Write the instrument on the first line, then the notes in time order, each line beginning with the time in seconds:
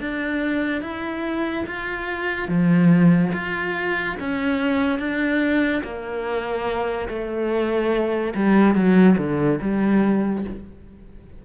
cello
0.00 D4
0.81 E4
1.66 F4
2.48 F3
3.33 F4
4.19 C#4
4.98 D4
5.83 A#3
7.08 A3
8.34 G3
8.75 F#3
9.17 D3
9.61 G3